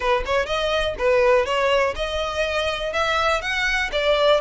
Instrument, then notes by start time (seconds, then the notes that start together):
violin
0.00 B4
0.25 C#5
0.45 D#5
0.98 B4
1.45 C#5
1.95 D#5
2.92 E5
3.41 F#5
3.92 D5